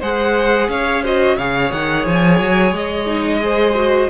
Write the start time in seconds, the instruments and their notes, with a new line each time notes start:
0.00 cello G#3, viola G#4, violin C5 F#5
0.69 cello C#4, violin C#5 F5
1.02 viola F#4, violin C5 D#5
1.36 cello C#3, viola G#4, violin C#5 F5
1.72 cello D#3, violin F#5
2.06 cello F3, violin G#5
2.40 cello F#3
2.71 cello G#3, violin D#5
3.07 viola D#4
3.40 viola G#4, violin C5
3.75 viola F#4